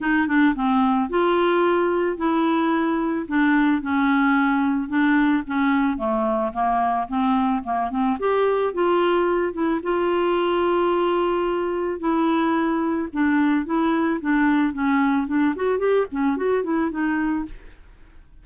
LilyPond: \new Staff \with { instrumentName = "clarinet" } { \time 4/4 \tempo 4 = 110 dis'8 d'8 c'4 f'2 | e'2 d'4 cis'4~ | cis'4 d'4 cis'4 a4 | ais4 c'4 ais8 c'8 g'4 |
f'4. e'8 f'2~ | f'2 e'2 | d'4 e'4 d'4 cis'4 | d'8 fis'8 g'8 cis'8 fis'8 e'8 dis'4 | }